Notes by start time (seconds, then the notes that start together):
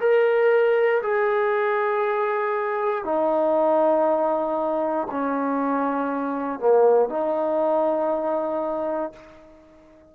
0.00 A#4
1.03 G#4
3.05 D#4
5.11 C#4
6.60 A#3
7.09 D#4